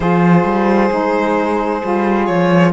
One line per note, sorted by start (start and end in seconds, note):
0.00 0.44 F3
0.00 0.90 F4
0.00 2.72 G#4
0.00 2.24 C5
0.44 0.89 G3
0.90 1.82 G#3
0.90 1.81 D#4
1.83 2.29 G3
1.83 2.72 F4
2.26 2.72 F3
2.26 2.72 C#5